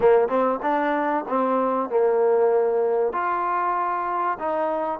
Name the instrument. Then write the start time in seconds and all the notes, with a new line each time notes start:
trombone
0.00 A#3
0.28 C4
0.62 D4
1.28 C4
1.89 A#3
3.12 F4
4.39 D#4